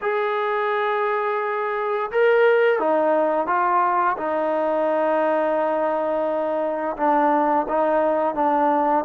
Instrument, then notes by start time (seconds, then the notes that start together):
trombone
0.01 G#4
2.11 A#4
2.79 D#4
3.46 F4
4.17 D#4
6.96 D4
7.68 D#4
8.35 D4